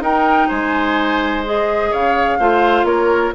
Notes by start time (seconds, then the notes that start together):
0.00 D#4 A#4 G5
0.48 G#3 C5 G#5
1.44 G#4 D#5
1.90 C#3 C#5 F5
2.39 A3 F4 C5
2.83 A#3 A#4 C#5